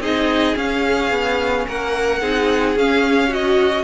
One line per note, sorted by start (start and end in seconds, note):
0.00 0.55 C4
0.00 0.56 D#4
0.00 1.67 G#4
0.00 0.57 D#5
0.56 2.21 C#4
0.56 1.11 C#4
0.56 1.68 F5
1.11 1.66 B3
1.68 2.22 A#3
1.68 2.22 A#4
1.68 2.79 F#5
2.22 2.76 C4
2.22 2.77 D#4
2.22 3.29 G#4
2.76 3.84 C#4
2.76 3.31 C#4
2.76 3.34 F5
3.29 3.84 F#4
3.29 3.84 D#5